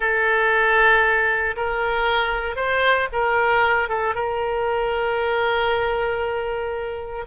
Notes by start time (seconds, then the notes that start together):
0.00 A4
1.56 A#4
2.56 C5
3.12 A#4
3.88 A4
4.14 A#4